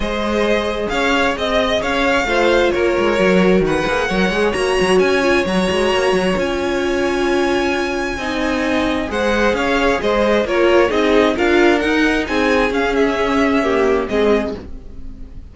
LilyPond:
<<
  \new Staff \with { instrumentName = "violin" } { \time 4/4 \tempo 4 = 132 dis''2 f''4 dis''4 | f''2 cis''2 | fis''2 ais''4 gis''4 | ais''2 gis''2~ |
gis''1 | fis''4 f''4 dis''4 cis''4 | dis''4 f''4 fis''4 gis''4 | f''8 e''2~ e''8 dis''4 | }
  \new Staff \with { instrumentName = "violin" } { \time 4/4 c''2 cis''4 dis''4 | cis''4 c''4 ais'2 | b'4 cis''2.~ | cis''1~ |
cis''2 dis''2 | c''4 cis''4 c''4 ais'4 | gis'4 ais'2 gis'4~ | gis'2 g'4 gis'4 | }
  \new Staff \with { instrumentName = "viola" } { \time 4/4 gis'1~ | gis'4 f'2 fis'4~ | fis'8 gis'8 ais'8 gis'8 fis'4. f'8 | fis'2 f'2~ |
f'2 dis'2 | gis'2. f'4 | dis'4 f'4 dis'2 | cis'2 ais4 c'4 | }
  \new Staff \with { instrumentName = "cello" } { \time 4/4 gis2 cis'4 c'4 | cis'4 a4 ais8 gis8 fis4 | dis8 ais8 fis8 gis8 ais8 fis8 cis'4 | fis8 gis8 ais8 fis8 cis'2~ |
cis'2 c'2 | gis4 cis'4 gis4 ais4 | c'4 d'4 dis'4 c'4 | cis'2. gis4 | }
>>